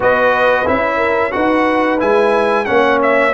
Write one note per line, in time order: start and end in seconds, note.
0.00 0.66 B3
0.00 0.65 F#4
0.00 0.97 B4
0.00 0.67 D#5
0.65 1.34 C#4
0.65 1.31 E4
0.65 1.32 E5
0.97 1.30 A#4
1.31 2.01 D#4
1.31 1.98 F#4
1.31 2.67 B4
1.31 1.98 F#5
1.99 2.68 G#3
1.99 2.65 E4
1.99 2.65 G#5
2.65 3.34 A#3
2.65 3.32 C#4
2.65 3.34 C#5
2.65 2.98 F#5
3.02 3.34 E5